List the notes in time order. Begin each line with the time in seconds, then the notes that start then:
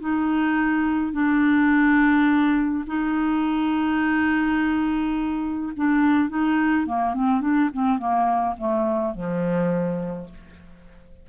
0.00 D#4
1.13 D4
2.87 D#4
5.77 D4
6.29 D#4
6.86 A#3
7.14 C4
7.41 D4
7.74 C4
7.98 A#3
8.58 A3
9.15 F3